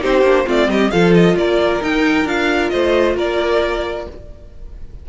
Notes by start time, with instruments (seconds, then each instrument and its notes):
0.00 cello C4, viola D#4, violin G4 C5
0.22 cello A#3, viola D4
0.45 cello A3, viola C4, violin F4 D5
0.67 cello G3, violin G4 D#5
0.90 cello F3, viola F4, violin A4 F5
1.14 violin D#5
1.35 cello A#3, violin A#4 D5
1.81 viola D#4, cello D#4, violin G5
2.25 cello D4, viola F4, violin F5
2.70 cello A3, violin C5 D#5
3.16 cello A#3, violin A#4 D5